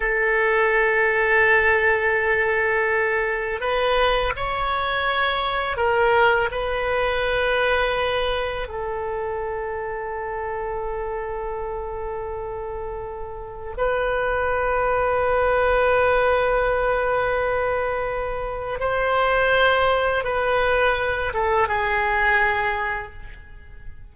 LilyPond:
\new Staff \with { instrumentName = "oboe" } { \time 4/4 \tempo 4 = 83 a'1~ | a'4 b'4 cis''2 | ais'4 b'2. | a'1~ |
a'2. b'4~ | b'1~ | b'2 c''2 | b'4. a'8 gis'2 | }